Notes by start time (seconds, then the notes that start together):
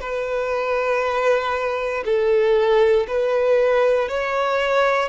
0.00 B4
2.05 A4
3.07 B4
4.08 C#5